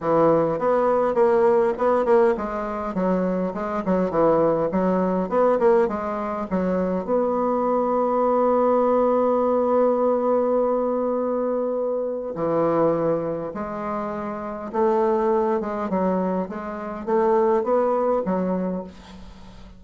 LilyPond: \new Staff \with { instrumentName = "bassoon" } { \time 4/4 \tempo 4 = 102 e4 b4 ais4 b8 ais8 | gis4 fis4 gis8 fis8 e4 | fis4 b8 ais8 gis4 fis4 | b1~ |
b1~ | b4 e2 gis4~ | gis4 a4. gis8 fis4 | gis4 a4 b4 fis4 | }